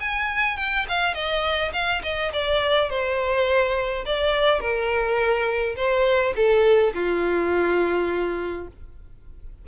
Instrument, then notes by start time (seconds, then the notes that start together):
violin
0.00 G#5
0.57 G5
0.89 F5
1.14 D#5
1.73 F5
2.03 D#5
2.33 D5
2.90 C5
4.05 D5
4.60 A#4
5.76 C5
6.36 A4
6.94 F4